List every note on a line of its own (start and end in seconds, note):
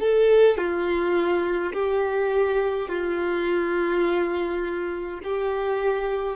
0.00 0.58 A4
0.58 1.73 F4
1.74 2.89 G4
2.89 5.20 F4
5.24 6.36 G4